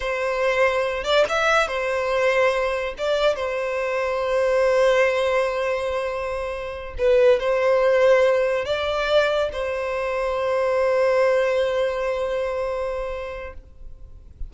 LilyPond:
\new Staff \with { instrumentName = "violin" } { \time 4/4 \tempo 4 = 142 c''2~ c''8 d''8 e''4 | c''2. d''4 | c''1~ | c''1~ |
c''8 b'4 c''2~ c''8~ | c''8 d''2 c''4.~ | c''1~ | c''1 | }